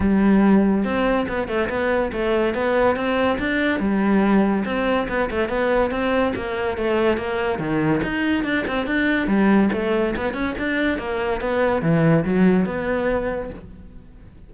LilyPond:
\new Staff \with { instrumentName = "cello" } { \time 4/4 \tempo 4 = 142 g2 c'4 b8 a8 | b4 a4 b4 c'4 | d'4 g2 c'4 | b8 a8 b4 c'4 ais4 |
a4 ais4 dis4 dis'4 | d'8 c'8 d'4 g4 a4 | b8 cis'8 d'4 ais4 b4 | e4 fis4 b2 | }